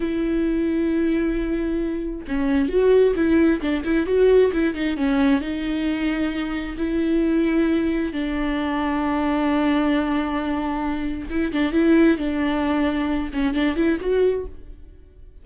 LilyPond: \new Staff \with { instrumentName = "viola" } { \time 4/4 \tempo 4 = 133 e'1~ | e'4 cis'4 fis'4 e'4 | d'8 e'8 fis'4 e'8 dis'8 cis'4 | dis'2. e'4~ |
e'2 d'2~ | d'1~ | d'4 e'8 d'8 e'4 d'4~ | d'4. cis'8 d'8 e'8 fis'4 | }